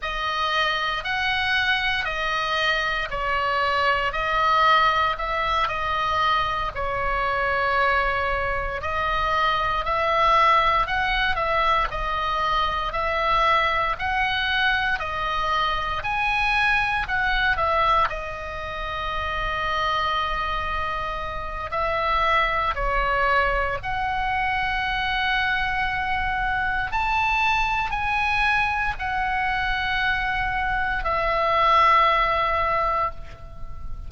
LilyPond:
\new Staff \with { instrumentName = "oboe" } { \time 4/4 \tempo 4 = 58 dis''4 fis''4 dis''4 cis''4 | dis''4 e''8 dis''4 cis''4.~ | cis''8 dis''4 e''4 fis''8 e''8 dis''8~ | dis''8 e''4 fis''4 dis''4 gis''8~ |
gis''8 fis''8 e''8 dis''2~ dis''8~ | dis''4 e''4 cis''4 fis''4~ | fis''2 a''4 gis''4 | fis''2 e''2 | }